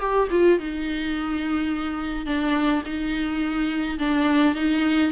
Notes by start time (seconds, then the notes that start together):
0.00 G4
0.31 F4
0.59 D#4
2.26 D4
2.85 D#4
3.99 D4
4.55 D#4